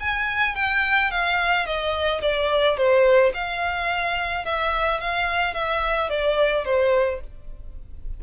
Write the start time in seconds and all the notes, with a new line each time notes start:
0.00 G#5
0.55 G5
1.11 F5
1.66 D#5
2.21 D5
2.77 C5
3.34 F5
4.45 E5
5.01 F5
5.54 E5
6.10 D5
6.65 C5